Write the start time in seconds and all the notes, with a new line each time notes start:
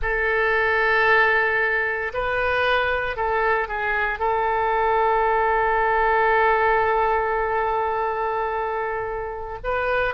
0.01 A4
2.13 B4
3.16 A4
3.68 G#4
4.19 A4
9.63 B4